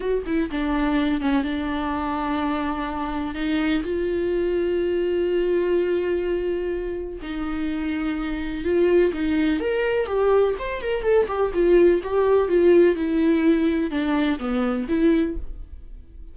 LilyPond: \new Staff \with { instrumentName = "viola" } { \time 4/4 \tempo 4 = 125 fis'8 e'8 d'4. cis'8 d'4~ | d'2. dis'4 | f'1~ | f'2. dis'4~ |
dis'2 f'4 dis'4 | ais'4 g'4 c''8 ais'8 a'8 g'8 | f'4 g'4 f'4 e'4~ | e'4 d'4 b4 e'4 | }